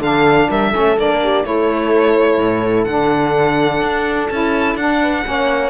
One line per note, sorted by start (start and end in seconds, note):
0.00 0.48 D3
0.00 0.72 D4
0.00 0.48 A4
0.00 0.50 F5
0.49 0.74 G3
0.49 0.70 A#4
0.49 0.99 E5
0.70 0.96 C#4
0.70 1.18 A4
0.77 0.97 A3
0.97 1.45 A#3
0.97 1.44 D4
0.97 1.46 D5
1.23 1.47 G4
1.44 2.38 A3
1.44 2.87 E4
1.44 5.02 A4
1.44 2.85 C#5
2.38 2.86 A2
2.85 3.82 D3
2.85 4.31 D4
2.85 4.27 F#5
3.82 4.30 D4
4.29 4.76 C#4
4.29 4.79 E4
4.29 4.76 A5
4.76 5.23 D4
4.76 5.24 D4
4.76 5.70 F#5
5.02 5.25 B4
5.24 5.70 A#3
5.24 5.70 C#4
5.24 5.70 C#5